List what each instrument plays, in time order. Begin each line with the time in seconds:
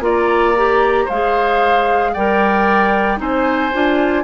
0.00 bassoon A#3, clarinet F4, oboe D5, flute A#5
0.56 clarinet G4
1.05 bassoon G#3, oboe C5, flute F5
1.12 clarinet G#4
2.12 bassoon G3, clarinet A#4, oboe D5, flute G5
3.17 bassoon C4, clarinet D#4, oboe C5, flute G#5
3.73 bassoon D4, clarinet F4